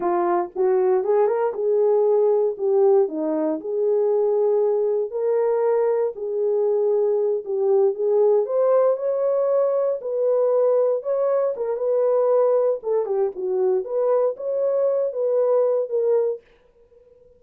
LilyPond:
\new Staff \with { instrumentName = "horn" } { \time 4/4 \tempo 4 = 117 f'4 fis'4 gis'8 ais'8 gis'4~ | gis'4 g'4 dis'4 gis'4~ | gis'2 ais'2 | gis'2~ gis'8 g'4 gis'8~ |
gis'8 c''4 cis''2 b'8~ | b'4. cis''4 ais'8 b'4~ | b'4 a'8 g'8 fis'4 b'4 | cis''4. b'4. ais'4 | }